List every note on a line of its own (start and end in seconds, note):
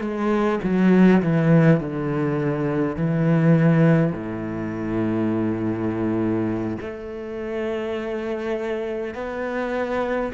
0.00 0.59 G#3
0.63 1.21 F#3
1.22 1.80 E3
1.80 2.96 D3
2.96 4.12 E3
4.12 6.77 A2
6.81 9.14 A3
9.14 10.32 B3